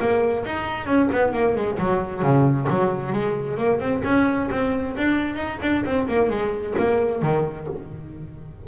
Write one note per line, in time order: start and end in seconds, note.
0.00 0.45 A#3
0.45 0.87 D#4
0.87 1.09 C#4
1.13 1.33 B3
1.33 1.56 A#3
1.56 1.79 G#3
1.79 2.22 F#3
2.22 2.68 C#3
2.70 3.13 F#3
3.13 3.58 G#3
3.58 3.80 A#3
3.80 4.03 C4
4.04 4.49 C#4
4.51 4.96 C4
4.97 5.36 D4
5.36 5.59 D#4
5.62 5.85 D4
5.85 6.08 C4
6.08 6.30 A#3
6.30 6.75 G#3
6.79 7.23 A#3
7.23 7.68 D#3